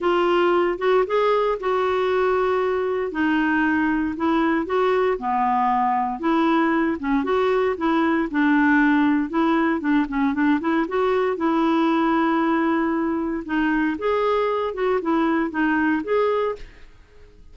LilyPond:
\new Staff \with { instrumentName = "clarinet" } { \time 4/4 \tempo 4 = 116 f'4. fis'8 gis'4 fis'4~ | fis'2 dis'2 | e'4 fis'4 b2 | e'4. cis'8 fis'4 e'4 |
d'2 e'4 d'8 cis'8 | d'8 e'8 fis'4 e'2~ | e'2 dis'4 gis'4~ | gis'8 fis'8 e'4 dis'4 gis'4 | }